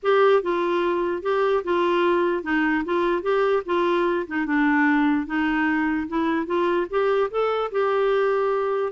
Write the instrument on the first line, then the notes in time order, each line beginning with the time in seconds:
clarinet
0.02 G4
0.42 F4
1.22 G4
1.64 F4
2.43 D#4
2.85 F4
3.22 G4
3.65 F4
4.27 D#4
4.46 D4
5.26 D#4
6.08 E4
6.46 F4
6.90 G4
7.30 A4
7.71 G4